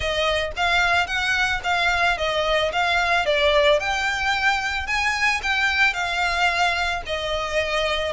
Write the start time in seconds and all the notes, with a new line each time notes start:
0.00 D#5
0.56 F5
1.06 F#5
1.63 F5
2.17 D#5
2.72 F5
3.25 D5
3.79 G5
4.86 G#5
5.42 G5
5.93 F5
7.05 D#5